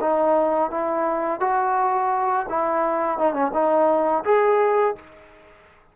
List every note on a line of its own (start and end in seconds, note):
0.00 0.70 D#4
0.70 1.40 E4
1.40 2.46 F#4
2.49 3.18 E4
3.18 3.33 D#4
3.33 3.51 C#4
3.53 4.24 D#4
4.24 4.95 G#4